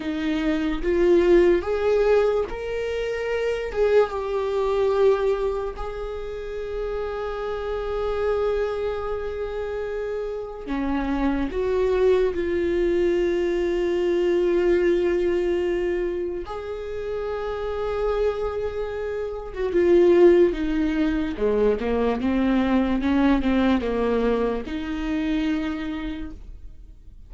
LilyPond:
\new Staff \with { instrumentName = "viola" } { \time 4/4 \tempo 4 = 73 dis'4 f'4 gis'4 ais'4~ | ais'8 gis'8 g'2 gis'4~ | gis'1~ | gis'4 cis'4 fis'4 f'4~ |
f'1 | gis'2.~ gis'8. fis'16 | f'4 dis'4 gis8 ais8 c'4 | cis'8 c'8 ais4 dis'2 | }